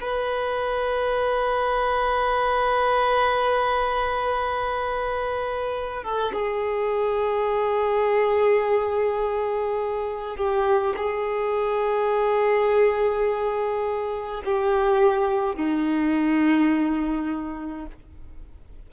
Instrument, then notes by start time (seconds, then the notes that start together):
violin
0.00 B4
6.03 A4
6.33 G#4
10.36 G4
10.96 G#4
14.45 G4
15.55 D#4